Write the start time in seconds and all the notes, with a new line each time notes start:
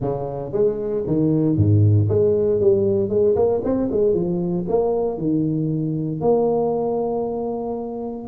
0.00 C#3
0.52 G#3
1.06 D#3
1.56 G#2
2.09 G#3
2.60 G3
3.09 G#3
3.35 A#3
3.63 C4
3.91 G#3
4.14 F3
4.68 A#3
5.17 D#3
6.21 A#3